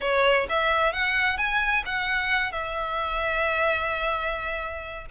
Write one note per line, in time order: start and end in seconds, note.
0.01 0.47 C#5
0.49 0.92 E5
0.92 1.37 F#5
1.37 1.83 G#5
1.85 2.52 F#5
2.52 5.05 E5